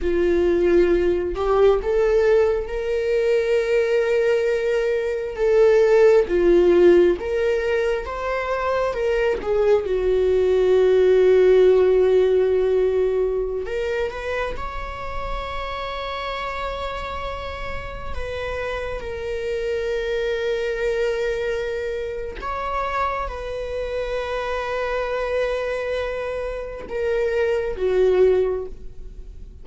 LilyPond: \new Staff \with { instrumentName = "viola" } { \time 4/4 \tempo 4 = 67 f'4. g'8 a'4 ais'4~ | ais'2 a'4 f'4 | ais'4 c''4 ais'8 gis'8 fis'4~ | fis'2.~ fis'16 ais'8 b'16~ |
b'16 cis''2.~ cis''8.~ | cis''16 b'4 ais'2~ ais'8.~ | ais'4 cis''4 b'2~ | b'2 ais'4 fis'4 | }